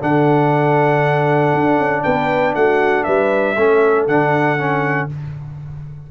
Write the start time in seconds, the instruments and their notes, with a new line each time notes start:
0.00 tuba D3, trombone D4, horn A4, trumpet F#5
1.53 tuba D4
1.77 tuba C#4
2.03 tuba B3, horn B4, trumpet G5
2.55 tuba A3, horn F#4, trumpet F#5
3.03 tuba G3, horn B4, trumpet E5
3.56 tuba A3, trombone C#4, horn A4
4.07 tuba D3, trombone D4, trumpet F#5
4.58 trombone C#4